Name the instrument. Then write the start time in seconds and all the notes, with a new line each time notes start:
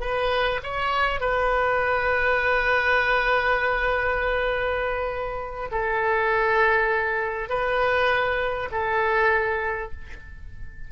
oboe
0.00 B4
0.63 C#5
1.20 B4
5.71 A4
7.49 B4
8.71 A4